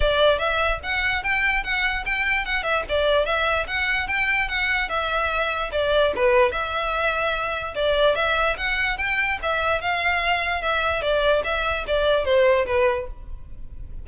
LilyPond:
\new Staff \with { instrumentName = "violin" } { \time 4/4 \tempo 4 = 147 d''4 e''4 fis''4 g''4 | fis''4 g''4 fis''8 e''8 d''4 | e''4 fis''4 g''4 fis''4 | e''2 d''4 b'4 |
e''2. d''4 | e''4 fis''4 g''4 e''4 | f''2 e''4 d''4 | e''4 d''4 c''4 b'4 | }